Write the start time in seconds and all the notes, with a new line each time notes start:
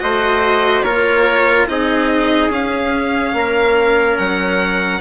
0.00 A3 F#4 C5 D#5
0.82 A#3 F4 A#4 C#5
1.68 C4 D#4 G#4 D#5
2.49 C#4 F5
3.33 A#3 A#4
4.17 F#3 F#5